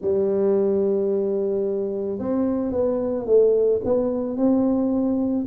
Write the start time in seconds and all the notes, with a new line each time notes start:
0.00 G3
2.18 C4
2.71 B3
3.26 A3
3.84 B3
4.36 C4